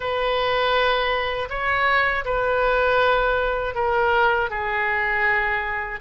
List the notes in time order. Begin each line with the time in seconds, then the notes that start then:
0.00 B4
1.49 C#5
2.25 B4
3.75 A#4
4.50 G#4